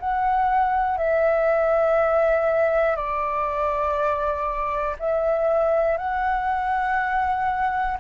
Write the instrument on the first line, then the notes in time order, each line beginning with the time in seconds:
flute
0.00 F#5
0.98 E5
2.96 D5
4.99 E5
5.98 F#5